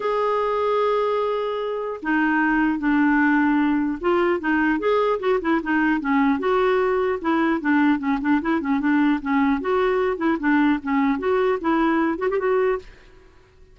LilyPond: \new Staff \with { instrumentName = "clarinet" } { \time 4/4 \tempo 4 = 150 gis'1~ | gis'4 dis'2 d'4~ | d'2 f'4 dis'4 | gis'4 fis'8 e'8 dis'4 cis'4 |
fis'2 e'4 d'4 | cis'8 d'8 e'8 cis'8 d'4 cis'4 | fis'4. e'8 d'4 cis'4 | fis'4 e'4. fis'16 g'16 fis'4 | }